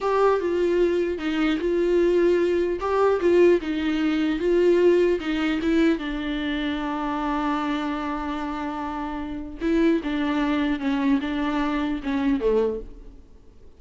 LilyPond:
\new Staff \with { instrumentName = "viola" } { \time 4/4 \tempo 4 = 150 g'4 f'2 dis'4 | f'2. g'4 | f'4 dis'2 f'4~ | f'4 dis'4 e'4 d'4~ |
d'1~ | d'1 | e'4 d'2 cis'4 | d'2 cis'4 a4 | }